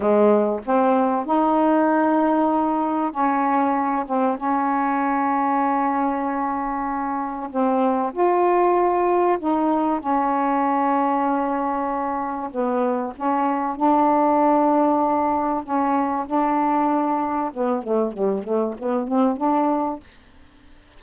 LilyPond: \new Staff \with { instrumentName = "saxophone" } { \time 4/4 \tempo 4 = 96 gis4 c'4 dis'2~ | dis'4 cis'4. c'8 cis'4~ | cis'1 | c'4 f'2 dis'4 |
cis'1 | b4 cis'4 d'2~ | d'4 cis'4 d'2 | b8 a8 g8 a8 b8 c'8 d'4 | }